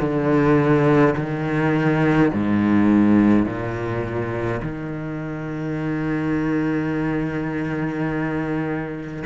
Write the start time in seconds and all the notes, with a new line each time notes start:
0.00 D3
1.17 D#3
2.34 G#2
3.46 A#2
4.63 D#3